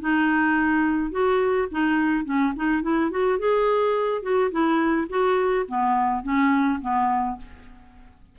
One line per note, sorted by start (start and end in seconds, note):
0.00 1.11 D#4
1.11 1.67 F#4
1.71 2.24 D#4
2.24 2.53 C#4
2.55 2.82 D#4
2.82 3.10 E4
3.10 3.38 F#4
3.38 4.22 G#4
4.22 4.50 F#4
4.51 5.07 E4
5.09 5.66 F#4
5.68 6.23 B3
6.23 6.80 C#4
6.81 7.37 B3